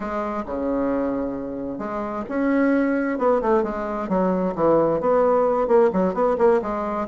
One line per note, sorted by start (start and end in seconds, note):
0.00 0.43 G#3
0.46 1.78 C#3
1.78 2.23 G#3
2.29 3.18 C#4
3.18 3.41 B3
3.41 3.63 A3
3.63 4.08 G#3
4.08 4.54 F#3
4.55 5.00 E3
5.00 5.67 B3
5.67 5.90 A#3
5.92 6.14 F#3
6.14 6.36 B3
6.38 6.61 A#3
6.62 7.07 G#3